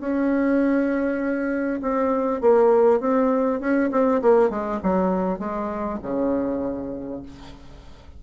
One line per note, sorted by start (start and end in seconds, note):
0.00 1.80 C#4
1.82 2.41 C4
2.41 3.00 A#3
3.00 3.60 C4
3.60 3.90 C#4
3.91 4.21 C4
4.22 4.50 A#3
4.50 4.80 G#3
4.83 5.39 F#3
5.39 5.99 G#3
6.03 7.23 C#3